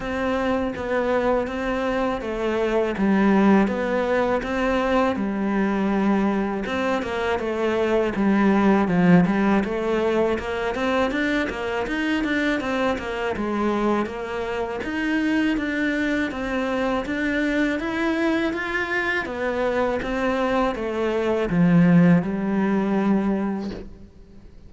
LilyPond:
\new Staff \with { instrumentName = "cello" } { \time 4/4 \tempo 4 = 81 c'4 b4 c'4 a4 | g4 b4 c'4 g4~ | g4 c'8 ais8 a4 g4 | f8 g8 a4 ais8 c'8 d'8 ais8 |
dis'8 d'8 c'8 ais8 gis4 ais4 | dis'4 d'4 c'4 d'4 | e'4 f'4 b4 c'4 | a4 f4 g2 | }